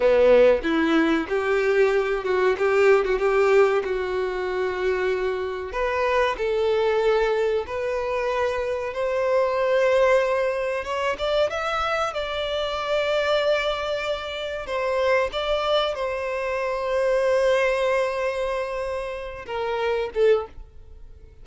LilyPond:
\new Staff \with { instrumentName = "violin" } { \time 4/4 \tempo 4 = 94 b4 e'4 g'4. fis'8 | g'8. fis'16 g'4 fis'2~ | fis'4 b'4 a'2 | b'2 c''2~ |
c''4 cis''8 d''8 e''4 d''4~ | d''2. c''4 | d''4 c''2.~ | c''2~ c''8 ais'4 a'8 | }